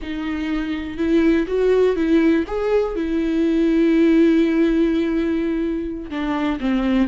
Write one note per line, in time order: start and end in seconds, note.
0.01 0.97 D#4
0.97 1.46 E4
1.47 1.95 F#4
1.96 2.45 E4
2.47 2.95 G#4
2.95 6.10 E4
6.10 6.59 D4
6.60 7.08 C4